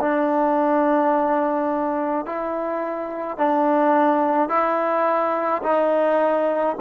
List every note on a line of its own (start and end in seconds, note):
0.00 2.26 D4
2.26 3.38 E4
3.38 4.49 D4
4.49 5.62 E4
5.63 6.77 D#4